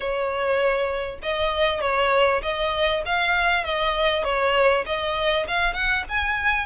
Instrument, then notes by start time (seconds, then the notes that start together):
violin
0.00 C#5
1.22 D#5
1.80 C#5
2.42 D#5
3.05 F5
3.64 D#5
4.24 C#5
4.85 D#5
5.47 F5
5.73 F#5
6.09 G#5